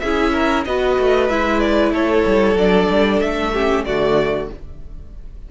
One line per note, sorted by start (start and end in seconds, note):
0.00 0.66 C#4
0.00 0.67 E4
0.00 0.34 G#4
0.00 0.64 E5
0.34 0.66 A#4
0.65 0.98 B3
0.65 1.31 F#4
0.65 1.93 B4
0.65 1.29 D#5
0.99 1.30 A3
1.29 1.92 G#3
1.29 2.58 E4
1.29 1.60 E5
1.60 1.92 D5
1.92 2.24 A3
1.92 3.52 A4
1.92 2.58 C#5
2.26 2.55 G3
2.55 2.87 F#3
2.55 3.53 D4
2.55 3.20 D5
2.90 3.22 G3
3.20 3.85 A3
3.20 3.84 E5
3.53 3.87 C#4
3.53 3.85 G4
3.85 4.49 D3
3.85 4.51 A3
3.85 4.51 F#4
3.85 4.49 D5